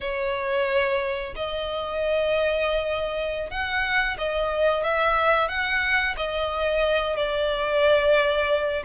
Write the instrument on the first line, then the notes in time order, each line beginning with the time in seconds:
violin
0.01 C#5
1.35 D#5
3.50 F#5
4.18 D#5
4.83 E5
5.48 F#5
6.16 D#5
7.16 D5